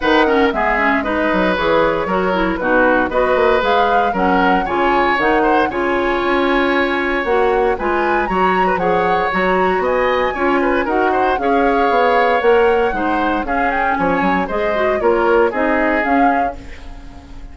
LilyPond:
<<
  \new Staff \with { instrumentName = "flute" } { \time 4/4 \tempo 4 = 116 fis''4 e''4 dis''4 cis''4~ | cis''4 b'4 dis''4 f''4 | fis''4 gis''4 fis''4 gis''4~ | gis''2 fis''4 gis''4 |
ais''4 fis''4 ais''4 gis''4~ | gis''4 fis''4 f''2 | fis''2 f''8 g''8 gis''4 | dis''4 cis''4 dis''4 f''4 | }
  \new Staff \with { instrumentName = "oboe" } { \time 4/4 b'8 ais'8 gis'4 b'2 | ais'4 fis'4 b'2 | ais'4 cis''4. c''8 cis''4~ | cis''2. b'4 |
cis''8. b'16 cis''2 dis''4 | cis''8 b'8 ais'8 c''8 cis''2~ | cis''4 c''4 gis'4 cis''4 | c''4 ais'4 gis'2 | }
  \new Staff \with { instrumentName = "clarinet" } { \time 4/4 dis'8 cis'8 b8 cis'8 dis'4 gis'4 | fis'8 e'8 dis'4 fis'4 gis'4 | cis'4 f'4 dis'4 f'4~ | f'2 fis'4 f'4 |
fis'4 gis'4 fis'2 | f'4 fis'4 gis'2 | ais'4 dis'4 cis'2 | gis'8 fis'8 f'4 dis'4 cis'4 | }
  \new Staff \with { instrumentName = "bassoon" } { \time 4/4 dis4 gis4. fis8 e4 | fis4 b,4 b8 ais8 gis4 | fis4 cis4 dis4 cis4 | cis'2 ais4 gis4 |
fis4 f4 fis4 b4 | cis'4 dis'4 cis'4 b4 | ais4 gis4 cis'4 f8 fis8 | gis4 ais4 c'4 cis'4 | }
>>